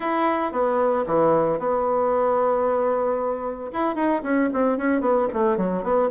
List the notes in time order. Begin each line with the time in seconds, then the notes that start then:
0.00 E4
0.52 B3
1.06 E3
1.58 B3
3.72 E4
3.95 D#4
4.22 C#4
4.53 C4
4.77 C#4
5.01 B3
5.33 A3
5.57 F#3
5.83 B3